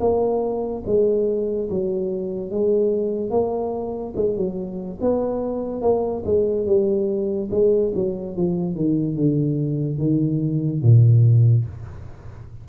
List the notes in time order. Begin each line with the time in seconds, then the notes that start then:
0.00 A#3
0.86 G#3
1.69 F#3
2.51 G#3
3.30 A#3
4.16 G#3
4.36 F#3
5.01 B3
5.81 A#3
6.25 G#3
6.66 G3
7.51 G#3
7.95 F#3
8.36 F3
8.75 D#3
9.16 D3
9.98 D#3
10.82 A#2